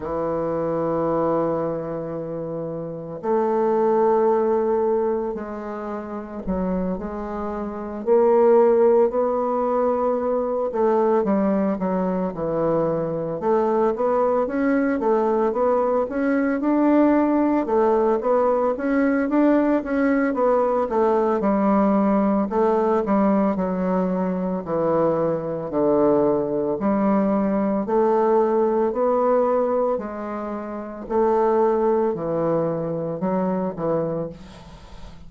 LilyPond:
\new Staff \with { instrumentName = "bassoon" } { \time 4/4 \tempo 4 = 56 e2. a4~ | a4 gis4 fis8 gis4 ais8~ | ais8 b4. a8 g8 fis8 e8~ | e8 a8 b8 cis'8 a8 b8 cis'8 d'8~ |
d'8 a8 b8 cis'8 d'8 cis'8 b8 a8 | g4 a8 g8 fis4 e4 | d4 g4 a4 b4 | gis4 a4 e4 fis8 e8 | }